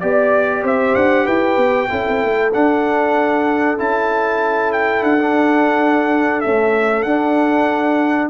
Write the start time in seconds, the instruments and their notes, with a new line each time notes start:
0.00 tuba B3, trombone G4, trumpet D5, horn D5
0.63 tuba C4, horn C5, trumpet E5
0.95 tuba D4, trumpet F#5
1.25 tuba E4, horn B4, trumpet G5
1.57 tuba B3
1.89 tuba C#4, trombone E4, horn A4
2.08 tuba C4
2.24 tuba A3
2.53 trombone D4, tuba D4, trumpet F#5
3.78 tuba C#4, trombone E4, trumpet A5
4.72 trumpet G5
5.02 tuba D4, trumpet F#5
5.19 trombone D4
6.40 trombone A3, tuba C#4, trumpet E5
7.02 tuba D4, trombone D4, trumpet F#5